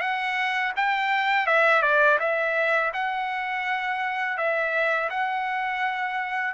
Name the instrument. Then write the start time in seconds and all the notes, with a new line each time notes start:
trumpet
0.00 F#5
0.76 G5
1.46 E5
1.82 D5
2.19 E5
2.93 F#5
4.37 E5
5.09 F#5